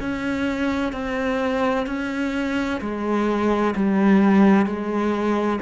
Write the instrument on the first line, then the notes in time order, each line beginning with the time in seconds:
cello
0.00 C#4
0.93 C4
1.87 C#4
2.81 G#3
3.76 G3
4.66 G#3